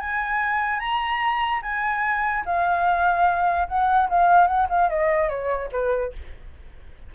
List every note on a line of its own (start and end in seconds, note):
0.00 0.80 G#5
0.80 1.62 A#5
1.63 2.44 G#5
2.46 3.68 F5
3.68 4.09 F#5
4.10 4.47 F5
4.47 4.68 F#5
4.70 4.90 F5
4.90 5.29 D#5
5.29 5.70 C#5
5.72 6.13 B4